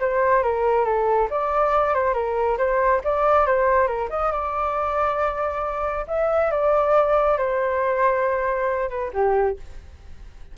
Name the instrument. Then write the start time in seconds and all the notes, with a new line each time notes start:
flute
0.00 C5
0.42 A#4
0.85 A4
1.30 D5
1.94 C5
2.13 A#4
2.57 C5
3.04 D5
3.46 C5
3.87 A#4
4.10 D#5
4.31 D5
6.07 E5
6.51 D5
7.38 C5
8.89 B4
9.13 G4